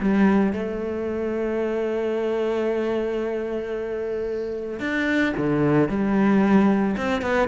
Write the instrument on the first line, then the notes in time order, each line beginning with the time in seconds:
cello
0.00 G3
0.53 A3
4.80 D4
5.37 D3
5.89 G3
6.97 C4
7.22 B3